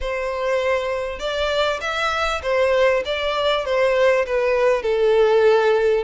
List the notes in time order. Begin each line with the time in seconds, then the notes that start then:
0.00 C5
1.19 D5
1.80 E5
2.42 C5
3.05 D5
3.65 C5
4.26 B4
4.82 A4